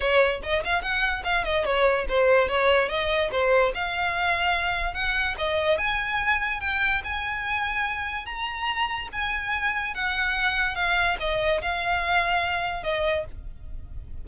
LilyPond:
\new Staff \with { instrumentName = "violin" } { \time 4/4 \tempo 4 = 145 cis''4 dis''8 f''8 fis''4 f''8 dis''8 | cis''4 c''4 cis''4 dis''4 | c''4 f''2. | fis''4 dis''4 gis''2 |
g''4 gis''2. | ais''2 gis''2 | fis''2 f''4 dis''4 | f''2. dis''4 | }